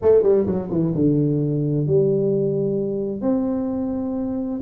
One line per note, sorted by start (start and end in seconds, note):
0.02 0.23 A3
0.23 0.46 G3
0.46 0.69 F#3
0.70 0.93 E3
0.94 1.87 D3
1.87 3.21 G3
3.21 4.60 C4